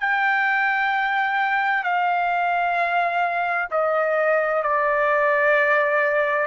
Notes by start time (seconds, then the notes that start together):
0.00 G5
1.84 F5
3.70 D#5
4.63 D5